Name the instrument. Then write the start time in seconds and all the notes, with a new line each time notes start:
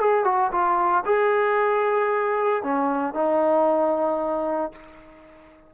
trombone
0.00 G#4
0.24 F#4
0.51 F4
1.05 G#4
2.63 C#4
3.14 D#4